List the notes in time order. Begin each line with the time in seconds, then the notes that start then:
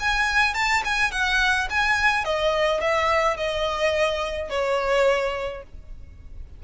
0.00 G#5
0.54 A5
0.85 G#5
1.12 F#5
1.70 G#5
2.25 D#5
2.81 E5
3.37 D#5
4.50 C#5